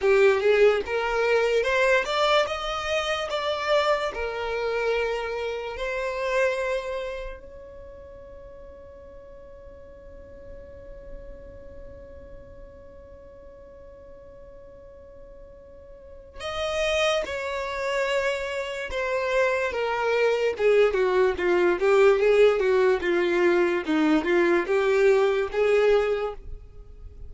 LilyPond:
\new Staff \with { instrumentName = "violin" } { \time 4/4 \tempo 4 = 73 g'8 gis'8 ais'4 c''8 d''8 dis''4 | d''4 ais'2 c''4~ | c''4 cis''2.~ | cis''1~ |
cis''1 | dis''4 cis''2 c''4 | ais'4 gis'8 fis'8 f'8 g'8 gis'8 fis'8 | f'4 dis'8 f'8 g'4 gis'4 | }